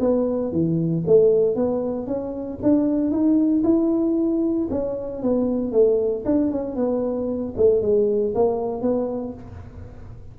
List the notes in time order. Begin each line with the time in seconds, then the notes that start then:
0.00 B3
0.52 E3
1.07 A3
1.56 B3
2.07 C#4
2.62 D4
3.11 D#4
3.64 E4
4.70 C#4
5.22 B3
5.72 A3
6.25 D4
6.51 C#4
6.76 B3
7.57 A3
7.82 G#3
8.35 A#3
8.82 B3